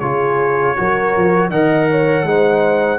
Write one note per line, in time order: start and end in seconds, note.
0.00 0.77 C#3
0.00 0.77 F4
0.00 0.76 G#4
0.00 1.50 C#5
0.77 1.16 F#3
0.77 1.52 F#4
0.77 1.51 A#4
1.16 1.50 F3
1.50 2.24 D#3
1.50 2.27 A#4
1.50 1.89 D#5
1.50 3.00 F#5
1.91 2.28 C#5
2.24 2.99 G#3
2.24 3.00 D#4
2.24 3.00 C5